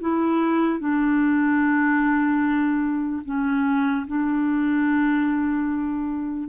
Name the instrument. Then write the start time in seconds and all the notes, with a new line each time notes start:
clarinet
0.00 E4
0.79 D4
3.25 C#4
4.07 D4